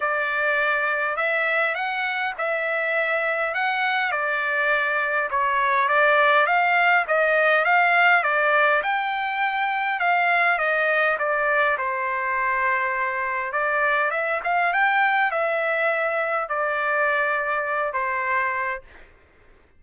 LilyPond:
\new Staff \with { instrumentName = "trumpet" } { \time 4/4 \tempo 4 = 102 d''2 e''4 fis''4 | e''2 fis''4 d''4~ | d''4 cis''4 d''4 f''4 | dis''4 f''4 d''4 g''4~ |
g''4 f''4 dis''4 d''4 | c''2. d''4 | e''8 f''8 g''4 e''2 | d''2~ d''8 c''4. | }